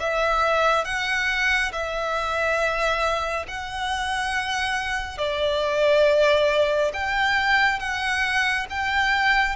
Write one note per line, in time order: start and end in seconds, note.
0.00 0.85 E5
0.85 1.72 F#5
1.72 3.46 E5
3.48 5.18 F#5
5.18 6.92 D5
6.94 7.79 G5
7.79 8.66 F#5
8.70 9.56 G5